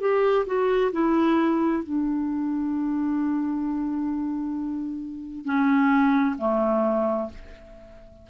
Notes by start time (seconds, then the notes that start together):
0.00 G4
0.46 F#4
0.92 E4
1.83 D4
5.45 C#4
6.38 A3